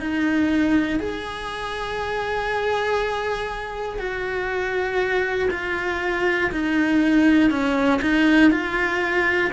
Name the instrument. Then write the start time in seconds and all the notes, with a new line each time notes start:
cello
0.00 D#4
1.00 G#4
3.99 F#4
5.50 F4
6.51 D#4
7.50 C#4
8.01 D#4
8.50 F4